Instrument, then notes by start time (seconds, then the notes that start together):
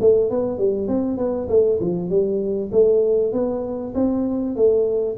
tuba
0.00 A3
0.30 B3
0.58 G3
0.87 C4
1.17 B3
1.49 A3
1.80 F3
2.09 G3
2.72 A3
3.32 B3
3.94 C4
4.55 A3